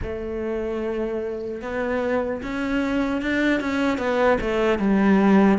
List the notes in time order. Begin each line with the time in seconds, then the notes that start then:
0.02 A3
1.61 B3
2.42 C#4
3.21 D4
3.60 C#4
3.97 B3
4.40 A3
4.79 G3